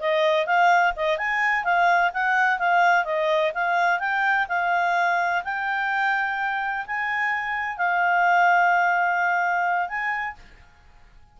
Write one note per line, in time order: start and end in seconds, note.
0.00 0.46 D#5
0.46 0.93 F5
0.96 1.18 D#5
1.18 1.64 G#5
1.64 2.11 F5
2.13 2.59 F#5
2.59 3.05 F5
3.05 3.52 D#5
3.54 3.99 F5
3.99 4.47 G5
4.49 5.43 F5
5.44 6.86 G5
6.87 7.78 G#5
7.78 9.88 F5
9.88 10.36 G#5